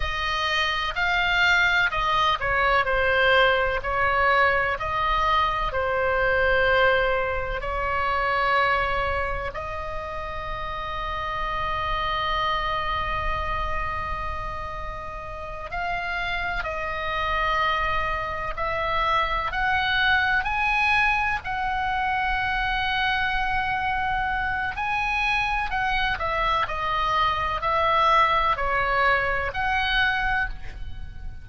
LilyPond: \new Staff \with { instrumentName = "oboe" } { \time 4/4 \tempo 4 = 63 dis''4 f''4 dis''8 cis''8 c''4 | cis''4 dis''4 c''2 | cis''2 dis''2~ | dis''1~ |
dis''8 f''4 dis''2 e''8~ | e''8 fis''4 gis''4 fis''4.~ | fis''2 gis''4 fis''8 e''8 | dis''4 e''4 cis''4 fis''4 | }